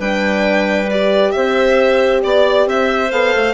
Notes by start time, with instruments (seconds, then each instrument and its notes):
0.00 bassoon G3, horn D4, clarinet B4, violin G5
0.90 horn G4, violin D5
1.32 bassoon C4, clarinet C5, violin E5
2.23 bassoon B3, clarinet D5, violin D5
2.67 bassoon C4, clarinet C5, violin E5
3.12 bassoon B3, horn A4, violin F5
3.36 bassoon A3